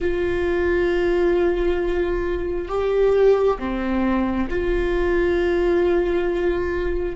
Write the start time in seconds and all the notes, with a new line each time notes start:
0.00 F4
2.68 G4
3.58 C4
4.49 F4